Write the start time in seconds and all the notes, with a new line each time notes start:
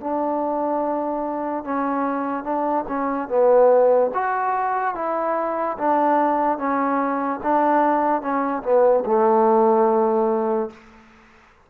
0.00 D4
1.64 C#4
2.43 D4
2.88 C#4
3.28 B3
4.14 F#4
4.95 E4
5.78 D4
6.58 C#4
7.43 D4
8.21 C#4
8.63 B3
9.05 A3